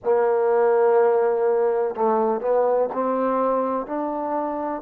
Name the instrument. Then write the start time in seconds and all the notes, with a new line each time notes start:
trombone
0.04 A#3
1.95 A3
2.41 B3
2.93 C4
3.86 D4